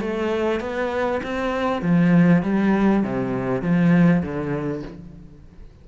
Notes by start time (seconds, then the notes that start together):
0.00 A3
0.60 B3
1.23 C4
1.82 F3
2.42 G3
3.03 C3
3.62 F3
4.22 D3